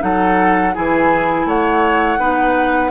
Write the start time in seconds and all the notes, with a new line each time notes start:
0.00 F#3 D#4 A4 F#5
0.74 E3 E4 G#4 G#5
1.46 A3 C#5 F#5
2.18 B3 D#4 B4